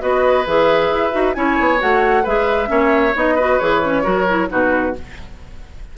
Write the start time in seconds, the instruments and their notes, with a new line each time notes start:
0.00 bassoon B3, clarinet F#4, oboe B4, flute D#5
0.47 bassoon E3, clarinet G#4, flute E5
0.90 bassoon E4
1.12 bassoon D#4, clarinet F#4
1.34 bassoon C#4, clarinet E4, oboe C#5, flute G#5
1.60 bassoon B3
1.78 bassoon A3, clarinet F#4, flute F#5
2.24 bassoon G#3, clarinet G#4, oboe B4, flute E5
2.66 bassoon A#3, clarinet C#4, oboe C#5
3.15 bassoon B3, clarinet D#4, flute D#5
3.35 clarinet F#4, oboe B4
3.59 bassoon E3, clarinet G#4, flute C#5
3.83 clarinet C#4
4.03 bassoon F#3, clarinet F#4, oboe A#4
4.29 clarinet E4
4.48 bassoon B2, clarinet D#4, oboe F#4, flute B4